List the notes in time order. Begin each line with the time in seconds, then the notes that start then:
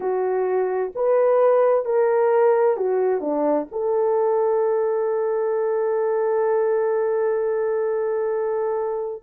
0.00 F#4
0.95 B4
1.85 A#4
2.77 F#4
3.21 D4
3.71 A4